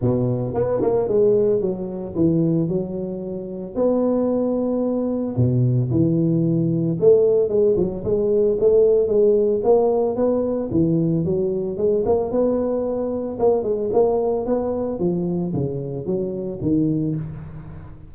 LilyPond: \new Staff \with { instrumentName = "tuba" } { \time 4/4 \tempo 4 = 112 b,4 b8 ais8 gis4 fis4 | e4 fis2 b4~ | b2 b,4 e4~ | e4 a4 gis8 fis8 gis4 |
a4 gis4 ais4 b4 | e4 fis4 gis8 ais8 b4~ | b4 ais8 gis8 ais4 b4 | f4 cis4 fis4 dis4 | }